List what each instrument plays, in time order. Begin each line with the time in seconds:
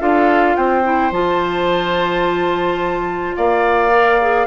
0.00 bassoon D4, clarinet F4, oboe A4, flute F5
0.56 bassoon C4, oboe C5, flute G5
0.84 clarinet E4
1.11 bassoon F3, clarinet F4, flute A5
3.37 bassoon A#3, oboe D5, flute F5
3.92 clarinet A#4
4.21 clarinet G#4